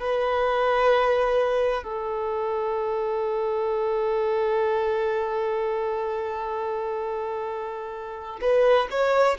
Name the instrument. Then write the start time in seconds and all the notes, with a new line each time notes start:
violin
0.00 B4
1.84 A4
8.41 B4
8.91 C#5